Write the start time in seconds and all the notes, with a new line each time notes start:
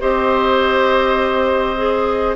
0.00 C4 G4 C5 D#5
1.77 G#4